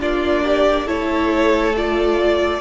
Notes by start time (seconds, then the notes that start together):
0.00 A#3 D4 F4 D5
0.43 G4
0.85 A3 E4 A4 C#5
1.76 F4 D5